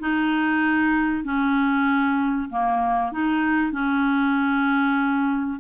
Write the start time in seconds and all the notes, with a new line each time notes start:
0.00 D#4
1.25 C#4
2.50 A#3
3.12 D#4
3.73 C#4